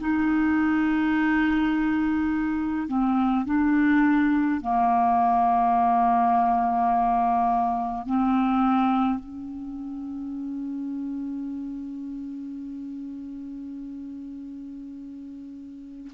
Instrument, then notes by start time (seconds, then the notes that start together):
clarinet
0.00 D#4
2.87 C4
3.46 D4
4.61 A#3
8.07 C4
9.19 C#4